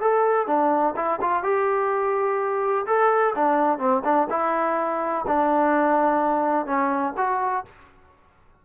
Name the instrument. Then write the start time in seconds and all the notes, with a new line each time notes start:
trombone
0.00 A4
0.47 D4
0.96 E4
1.21 F4
1.43 G4
2.86 A4
3.35 D4
3.78 C4
4.04 D4
4.30 E4
5.27 D4
6.66 C#4
7.17 F#4